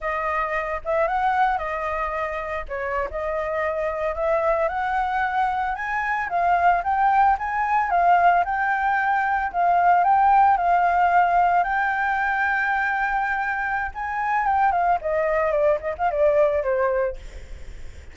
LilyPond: \new Staff \with { instrumentName = "flute" } { \time 4/4 \tempo 4 = 112 dis''4. e''8 fis''4 dis''4~ | dis''4 cis''8. dis''2 e''16~ | e''8. fis''2 gis''4 f''16~ | f''8. g''4 gis''4 f''4 g''16~ |
g''4.~ g''16 f''4 g''4 f''16~ | f''4.~ f''16 g''2~ g''16~ | g''2 gis''4 g''8 f''8 | dis''4 d''8 dis''16 f''16 d''4 c''4 | }